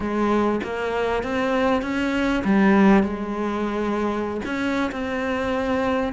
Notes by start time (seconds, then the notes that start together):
0.00 G#3
0.63 A#3
1.23 C4
1.81 C#4
2.44 G3
3.03 G#3
4.45 C#4
4.91 C4